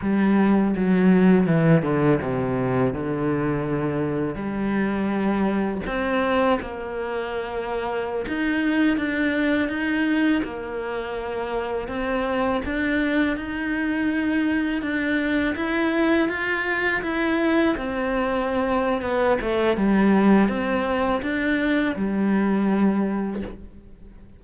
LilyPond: \new Staff \with { instrumentName = "cello" } { \time 4/4 \tempo 4 = 82 g4 fis4 e8 d8 c4 | d2 g2 | c'4 ais2~ ais16 dis'8.~ | dis'16 d'4 dis'4 ais4.~ ais16~ |
ais16 c'4 d'4 dis'4.~ dis'16~ | dis'16 d'4 e'4 f'4 e'8.~ | e'16 c'4.~ c'16 b8 a8 g4 | c'4 d'4 g2 | }